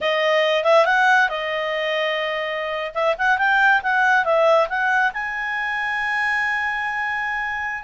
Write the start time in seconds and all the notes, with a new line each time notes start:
0.00 D#5
0.64 E5
0.85 F#5
1.29 D#5
2.94 E5
3.17 F#5
3.38 G5
3.82 F#5
4.24 E5
4.68 F#5
5.13 G#5